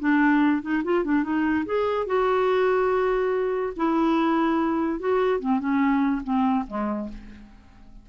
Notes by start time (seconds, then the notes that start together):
0.00 D4
0.62 D#4
0.84 F4
1.05 D4
1.23 D#4
1.66 G#4
2.07 F#4
3.77 E4
5.00 F#4
5.40 C4
5.60 C#4
6.24 C4
6.67 G#3